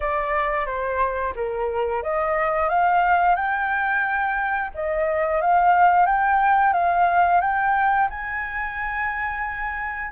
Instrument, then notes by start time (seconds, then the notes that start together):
flute
0.00 D5
0.66 C5
1.35 A#4
2.03 D#5
2.69 F5
3.35 G5
4.74 D#5
5.41 F5
6.06 G5
6.73 F5
7.41 G5
8.10 G#5